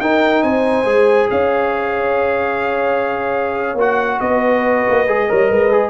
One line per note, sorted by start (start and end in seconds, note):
0.00 0.43 D#4
0.00 0.85 D#4
0.00 0.43 A#4
0.00 0.43 G5
0.43 0.84 C4
0.43 1.30 C5
0.43 1.29 G#5
0.84 1.27 G#3
0.84 3.77 G#4
1.30 3.74 C#4
1.30 4.22 C#5
1.30 3.78 F5
3.74 4.17 A#3
3.74 5.07 F#4
3.74 4.20 F#5
4.20 4.86 B3
4.20 5.29 B4
4.20 5.90 D#5
4.90 5.08 A#3
5.07 5.29 G#3
5.07 5.29 G#4
5.29 5.51 G3
5.29 5.71 A#4
5.29 5.48 C#5
5.48 5.90 G#3
5.48 5.90 B4
5.71 5.90 G#4